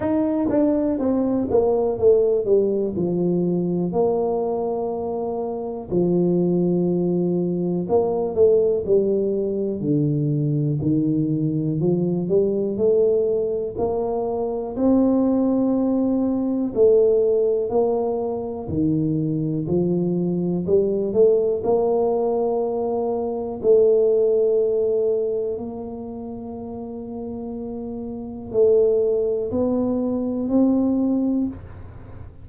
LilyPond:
\new Staff \with { instrumentName = "tuba" } { \time 4/4 \tempo 4 = 61 dis'8 d'8 c'8 ais8 a8 g8 f4 | ais2 f2 | ais8 a8 g4 d4 dis4 | f8 g8 a4 ais4 c'4~ |
c'4 a4 ais4 dis4 | f4 g8 a8 ais2 | a2 ais2~ | ais4 a4 b4 c'4 | }